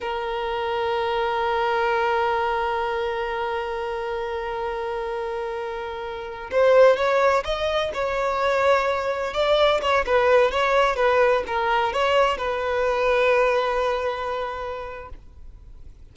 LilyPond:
\new Staff \with { instrumentName = "violin" } { \time 4/4 \tempo 4 = 127 ais'1~ | ais'1~ | ais'1~ | ais'4.~ ais'16 c''4 cis''4 dis''16~ |
dis''8. cis''2. d''16~ | d''8. cis''8 b'4 cis''4 b'8.~ | b'16 ais'4 cis''4 b'4.~ b'16~ | b'1 | }